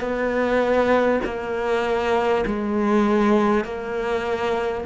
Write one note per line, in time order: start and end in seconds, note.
0.00 1.20 B3
1.24 2.44 A#3
2.46 3.64 G#3
3.64 4.84 A#3